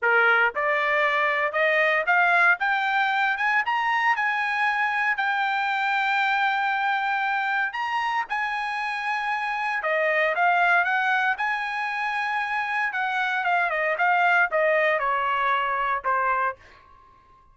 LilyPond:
\new Staff \with { instrumentName = "trumpet" } { \time 4/4 \tempo 4 = 116 ais'4 d''2 dis''4 | f''4 g''4. gis''8 ais''4 | gis''2 g''2~ | g''2. ais''4 |
gis''2. dis''4 | f''4 fis''4 gis''2~ | gis''4 fis''4 f''8 dis''8 f''4 | dis''4 cis''2 c''4 | }